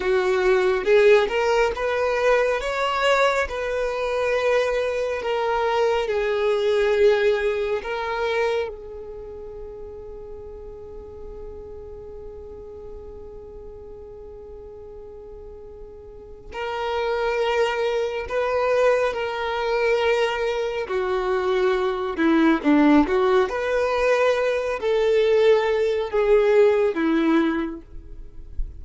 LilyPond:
\new Staff \with { instrumentName = "violin" } { \time 4/4 \tempo 4 = 69 fis'4 gis'8 ais'8 b'4 cis''4 | b'2 ais'4 gis'4~ | gis'4 ais'4 gis'2~ | gis'1~ |
gis'2. ais'4~ | ais'4 b'4 ais'2 | fis'4. e'8 d'8 fis'8 b'4~ | b'8 a'4. gis'4 e'4 | }